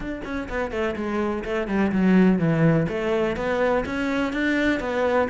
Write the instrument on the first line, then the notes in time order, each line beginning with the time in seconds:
cello
0.00 D4
0.24 C#4
0.48 B3
0.71 A3
0.96 G#3
1.44 A3
1.67 G3
1.92 F#3
2.39 E3
2.88 A3
3.36 B3
3.85 C#4
4.32 D4
4.80 B3